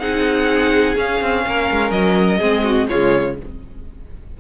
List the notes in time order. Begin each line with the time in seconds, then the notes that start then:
0.00 C4 D#4 G#4 F#5
0.96 C#4 F5
1.22 C4
1.47 A#3 A#4
1.72 G#3
1.92 F#3 D#5
2.39 G#3 C4 G#4
2.64 F#4
2.89 C#3 G#3 F4 C#5